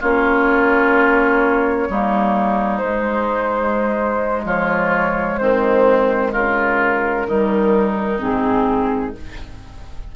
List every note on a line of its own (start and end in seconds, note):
0.00 1.89 A#3
0.00 1.89 C#4
0.00 1.88 F4
0.00 2.78 C#5
1.89 2.83 G3
1.89 2.81 A#3
1.89 4.45 D#4
2.78 7.26 G#3
2.78 4.44 G#3
2.78 4.42 C5
4.44 5.38 F3
4.44 5.39 F4
4.44 5.38 C#5
5.38 6.34 D#3
5.38 6.32 C4
5.38 6.32 C5
6.32 7.27 C#3
6.32 7.26 F4
6.32 8.20 A#4
7.26 8.21 D#3
7.26 8.19 G3
7.26 9.15 D#4
8.19 9.15 G#2
8.19 9.12 C4
8.19 9.15 G#4